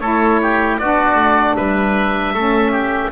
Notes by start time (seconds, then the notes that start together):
0.00 A3 E4 A4 C#5
0.42 G4
0.79 B3 D4 F#4 D5
1.15 A3
1.56 G3 B4 E5
2.34 A3 C#4 A4
2.72 G4